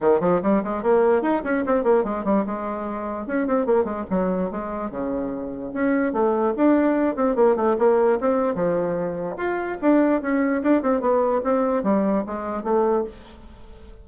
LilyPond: \new Staff \with { instrumentName = "bassoon" } { \time 4/4 \tempo 4 = 147 dis8 f8 g8 gis8 ais4 dis'8 cis'8 | c'8 ais8 gis8 g8 gis2 | cis'8 c'8 ais8 gis8 fis4 gis4 | cis2 cis'4 a4 |
d'4. c'8 ais8 a8 ais4 | c'4 f2 f'4 | d'4 cis'4 d'8 c'8 b4 | c'4 g4 gis4 a4 | }